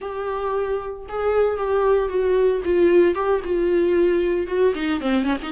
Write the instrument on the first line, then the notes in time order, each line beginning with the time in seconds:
viola
0.01 G4
1.08 G#4
1.57 G4
2.09 F#4
2.65 F4
3.14 G4
3.44 F4
4.47 F#4
4.74 D#4
5.00 C4
5.23 C#4
5.42 D#4